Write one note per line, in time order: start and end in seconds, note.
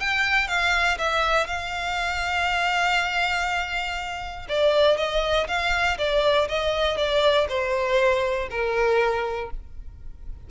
0.00 0.47 G5
0.47 0.97 F5
0.98 1.47 E5
1.47 4.47 F5
4.48 4.97 D5
4.97 5.47 D#5
5.47 5.97 F5
5.98 6.48 D5
6.48 6.97 D#5
6.97 7.47 D5
7.49 8.49 C5
8.50 9.50 A#4